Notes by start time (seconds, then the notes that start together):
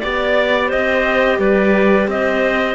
0.00 B3 G4 D5
0.68 C4 C5 D#5
1.38 G3 B4 D5
2.08 C4 C5 D#5